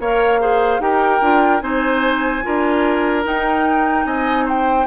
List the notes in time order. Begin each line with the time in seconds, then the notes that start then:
0.00 A#3 A#4 C#5 F5
0.41 G#4 C5
0.80 D#4 G4 A#4 G5
1.21 D4 F4
1.60 C4 D#4 C5 G#5
2.43 D4 F4 A#4
3.23 D#4 G5
4.06 C4 D#5 G#5
4.45 C5 G5